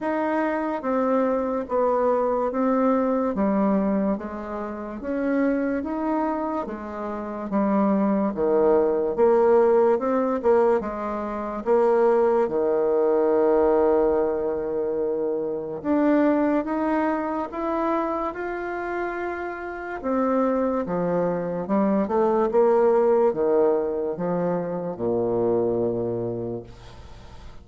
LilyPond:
\new Staff \with { instrumentName = "bassoon" } { \time 4/4 \tempo 4 = 72 dis'4 c'4 b4 c'4 | g4 gis4 cis'4 dis'4 | gis4 g4 dis4 ais4 | c'8 ais8 gis4 ais4 dis4~ |
dis2. d'4 | dis'4 e'4 f'2 | c'4 f4 g8 a8 ais4 | dis4 f4 ais,2 | }